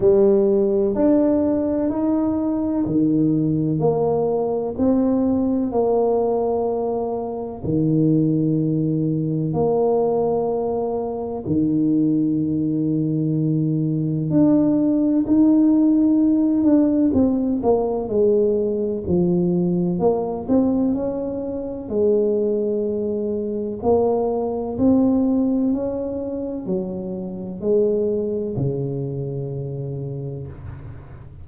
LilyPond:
\new Staff \with { instrumentName = "tuba" } { \time 4/4 \tempo 4 = 63 g4 d'4 dis'4 dis4 | ais4 c'4 ais2 | dis2 ais2 | dis2. d'4 |
dis'4. d'8 c'8 ais8 gis4 | f4 ais8 c'8 cis'4 gis4~ | gis4 ais4 c'4 cis'4 | fis4 gis4 cis2 | }